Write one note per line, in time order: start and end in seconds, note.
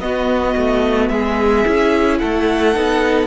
0.00 0.55 B3
0.00 1.65 B3
0.00 1.12 F#4
0.00 1.09 D#5
0.57 1.10 A3
1.09 1.65 G#3
1.09 2.20 G#4
1.09 2.18 E5
1.65 2.22 C#4
1.65 2.74 E4
2.19 2.76 A3
2.19 3.27 A4
2.19 3.27 F#5
2.74 3.27 B3
2.74 3.27 D#4